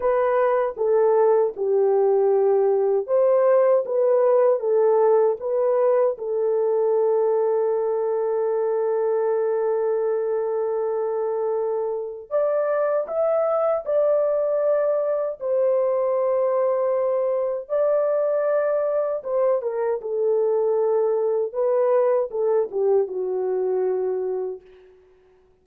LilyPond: \new Staff \with { instrumentName = "horn" } { \time 4/4 \tempo 4 = 78 b'4 a'4 g'2 | c''4 b'4 a'4 b'4 | a'1~ | a'1 |
d''4 e''4 d''2 | c''2. d''4~ | d''4 c''8 ais'8 a'2 | b'4 a'8 g'8 fis'2 | }